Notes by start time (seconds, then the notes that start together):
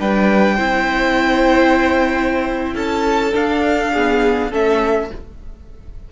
0.00 G3 D4 B4 G5
0.56 C4 E4 C5
2.75 C#4 A4 A5
3.32 D4 F5
3.94 B3 G#4
4.50 A3 C#4 A4 E5